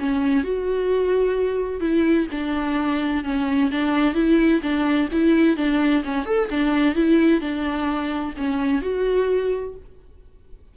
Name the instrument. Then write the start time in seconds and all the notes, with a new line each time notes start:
viola
0.00 C#4
0.44 F#4
1.81 E4
2.32 D4
3.24 C#4
3.72 D4
4.15 E4
4.63 D4
5.12 E4
5.57 D4
6.05 C#4
6.26 A4
6.51 D4
6.96 E4
7.41 D4
8.38 C#4
8.82 F#4